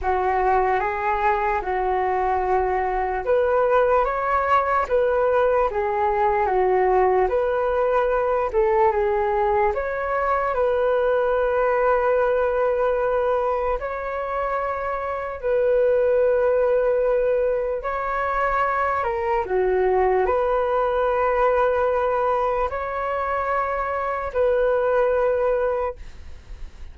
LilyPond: \new Staff \with { instrumentName = "flute" } { \time 4/4 \tempo 4 = 74 fis'4 gis'4 fis'2 | b'4 cis''4 b'4 gis'4 | fis'4 b'4. a'8 gis'4 | cis''4 b'2.~ |
b'4 cis''2 b'4~ | b'2 cis''4. ais'8 | fis'4 b'2. | cis''2 b'2 | }